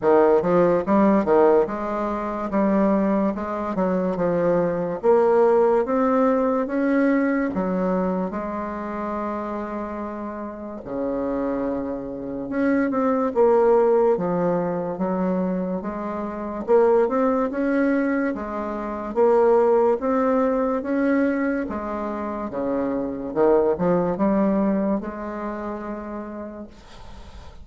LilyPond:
\new Staff \with { instrumentName = "bassoon" } { \time 4/4 \tempo 4 = 72 dis8 f8 g8 dis8 gis4 g4 | gis8 fis8 f4 ais4 c'4 | cis'4 fis4 gis2~ | gis4 cis2 cis'8 c'8 |
ais4 f4 fis4 gis4 | ais8 c'8 cis'4 gis4 ais4 | c'4 cis'4 gis4 cis4 | dis8 f8 g4 gis2 | }